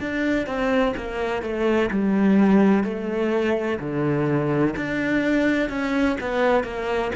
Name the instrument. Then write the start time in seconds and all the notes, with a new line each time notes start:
cello
0.00 D4
0.46 C4
0.97 A#3
1.42 A3
1.90 G3
2.84 A3
3.80 D3
4.76 D4
5.69 C#4
6.20 B3
6.64 A#3